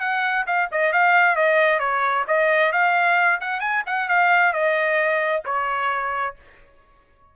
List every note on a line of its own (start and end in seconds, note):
0.00 0.45 F#5
0.47 0.69 F5
0.71 0.92 D#5
0.92 1.36 F5
1.36 1.79 D#5
1.79 2.25 C#5
2.28 2.72 D#5
2.72 3.40 F5
3.41 3.60 F#5
3.60 3.83 G#5
3.86 4.09 F#5
4.09 4.53 F5
4.53 5.43 D#5
5.45 6.35 C#5